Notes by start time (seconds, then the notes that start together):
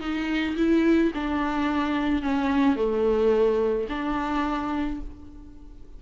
0.00 D#4
0.56 E4
1.14 D4
2.22 C#4
2.76 A3
3.89 D4